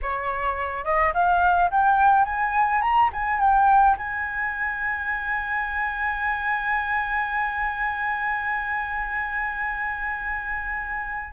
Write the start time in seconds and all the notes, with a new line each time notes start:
0.02 C#5
0.84 D#5
1.13 F5
1.70 G5
2.25 G#5
2.81 A#5
3.12 G#5
3.40 G5
3.97 G#5